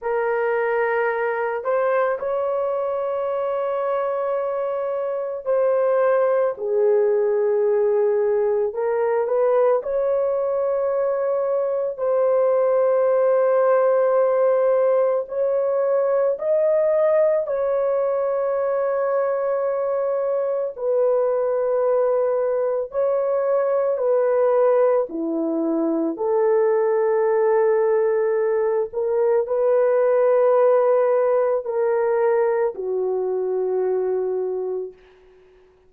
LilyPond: \new Staff \with { instrumentName = "horn" } { \time 4/4 \tempo 4 = 55 ais'4. c''8 cis''2~ | cis''4 c''4 gis'2 | ais'8 b'8 cis''2 c''4~ | c''2 cis''4 dis''4 |
cis''2. b'4~ | b'4 cis''4 b'4 e'4 | a'2~ a'8 ais'8 b'4~ | b'4 ais'4 fis'2 | }